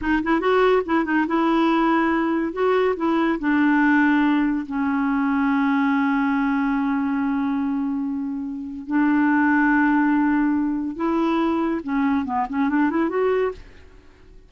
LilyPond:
\new Staff \with { instrumentName = "clarinet" } { \time 4/4 \tempo 4 = 142 dis'8 e'8 fis'4 e'8 dis'8 e'4~ | e'2 fis'4 e'4 | d'2. cis'4~ | cis'1~ |
cis'1~ | cis'4 d'2.~ | d'2 e'2 | cis'4 b8 cis'8 d'8 e'8 fis'4 | }